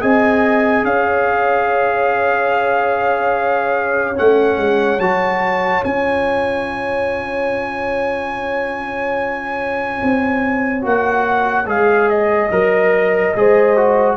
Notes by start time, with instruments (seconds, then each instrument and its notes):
0.00 tuba C4, trombone G#4, horn D#5, trumpet G#5
0.83 tuba C#4, horn C#5, trumpet F5
4.15 tuba A3, trombone C#4, trumpet F#5
4.57 tuba G#3
4.98 tuba F#3, trombone F#4, trumpet A5
5.84 tuba C#4, trombone F4, trumpet G#5
10.03 tuba C4
10.81 tuba A#3, trombone F#4, trumpet F#5
11.66 tuba G#3, trombone G#4, trumpet F5
12.09 trumpet D#5
12.51 tuba F#3, trombone A#4
13.35 tuba G#3, trombone G#4, horn C5
13.76 trombone F#4